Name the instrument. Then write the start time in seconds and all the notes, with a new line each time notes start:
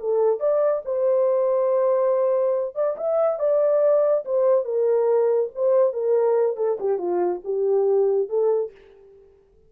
horn
0.00 A4
0.40 D5
0.85 C5
2.75 D5
2.97 E5
3.39 D5
4.26 C5
4.65 A#4
5.55 C5
5.93 A#4
6.57 A4
6.80 G4
6.98 F4
7.44 G4
8.29 A4